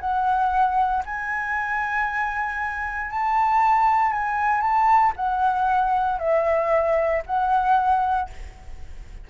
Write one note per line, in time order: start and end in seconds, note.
0.00 1.03 F#5
1.05 3.11 G#5
3.11 4.12 A5
4.12 4.61 G#5
4.61 5.13 A5
5.16 6.19 F#5
6.19 7.22 E5
7.26 8.29 F#5